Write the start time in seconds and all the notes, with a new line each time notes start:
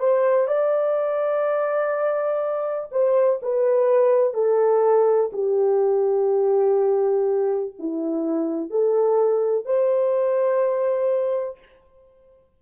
0.00 C5
0.48 D5
2.92 C5
3.43 B4
4.34 A4
5.33 G4
7.79 E4
8.71 A4
9.66 C5